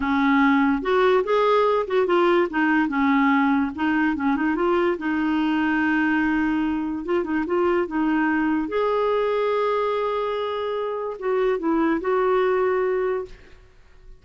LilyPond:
\new Staff \with { instrumentName = "clarinet" } { \time 4/4 \tempo 4 = 145 cis'2 fis'4 gis'4~ | gis'8 fis'8 f'4 dis'4 cis'4~ | cis'4 dis'4 cis'8 dis'8 f'4 | dis'1~ |
dis'4 f'8 dis'8 f'4 dis'4~ | dis'4 gis'2.~ | gis'2. fis'4 | e'4 fis'2. | }